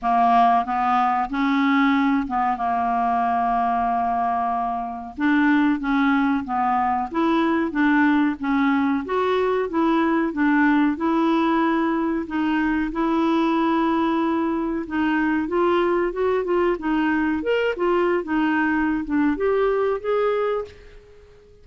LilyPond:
\new Staff \with { instrumentName = "clarinet" } { \time 4/4 \tempo 4 = 93 ais4 b4 cis'4. b8 | ais1 | d'4 cis'4 b4 e'4 | d'4 cis'4 fis'4 e'4 |
d'4 e'2 dis'4 | e'2. dis'4 | f'4 fis'8 f'8 dis'4 ais'8 f'8~ | f'16 dis'4~ dis'16 d'8 g'4 gis'4 | }